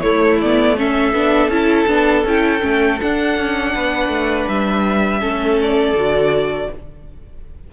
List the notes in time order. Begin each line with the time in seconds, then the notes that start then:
0.00 A3 E4 C#5
0.41 B3 D5
0.76 C#4 A4 E5
1.13 B3 D4
1.48 C#4 E4 A5
1.87 B3 D4
2.24 C#4 E4 G5
2.60 A3 C#4
3.00 D4 F#5
3.37 C#4
3.74 B3 B4
4.08 A3
4.48 G3 E5
5.19 A3 C#4 A4
5.61 D5
5.93 D3 F#4